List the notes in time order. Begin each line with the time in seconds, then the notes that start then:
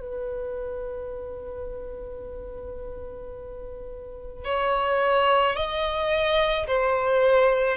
0.00 B4
4.44 C#5
5.56 D#5
6.67 C5